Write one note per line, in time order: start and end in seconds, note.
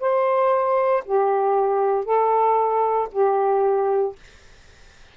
0.00 1.03 C5
1.05 2.05 G4
2.05 3.08 A4
3.12 4.16 G4